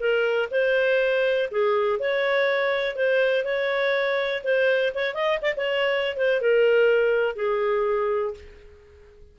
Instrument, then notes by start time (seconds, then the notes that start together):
clarinet
0.00 A#4
0.51 C5
1.51 G#4
2.00 C#5
2.96 C5
3.45 C#5
4.44 C5
4.95 C#5
5.15 D#5
5.42 D5
5.57 C#5
6.17 C5
6.41 A#4
7.36 G#4